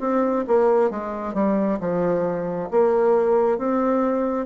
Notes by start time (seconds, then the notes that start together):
0.00 C4
0.47 A#3
0.90 G#3
1.34 G3
1.80 F3
2.71 A#3
3.58 C4